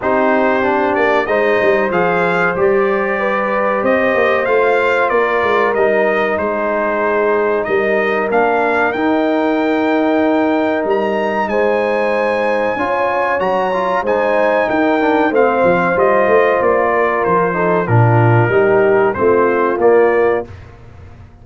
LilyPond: <<
  \new Staff \with { instrumentName = "trumpet" } { \time 4/4 \tempo 4 = 94 c''4. d''8 dis''4 f''4 | d''2 dis''4 f''4 | d''4 dis''4 c''2 | dis''4 f''4 g''2~ |
g''4 ais''4 gis''2~ | gis''4 ais''4 gis''4 g''4 | f''4 dis''4 d''4 c''4 | ais'2 c''4 d''4 | }
  \new Staff \with { instrumentName = "horn" } { \time 4/4 g'2 c''2~ | c''4 b'4 c''2 | ais'2 gis'2 | ais'1~ |
ais'2 c''2 | cis''2 c''4 ais'4 | c''2~ c''8 ais'4 a'8 | f'4 g'4 f'2 | }
  \new Staff \with { instrumentName = "trombone" } { \time 4/4 dis'4 d'4 dis'4 gis'4 | g'2. f'4~ | f'4 dis'2.~ | dis'4 d'4 dis'2~ |
dis'1 | f'4 fis'8 f'8 dis'4. d'8 | c'4 f'2~ f'8 dis'8 | d'4 dis'4 c'4 ais4 | }
  \new Staff \with { instrumentName = "tuba" } { \time 4/4 c'4. ais8 gis8 g8 f4 | g2 c'8 ais8 a4 | ais8 gis8 g4 gis2 | g4 ais4 dis'2~ |
dis'4 g4 gis2 | cis'4 fis4 gis4 dis'4 | a8 f8 g8 a8 ais4 f4 | ais,4 g4 a4 ais4 | }
>>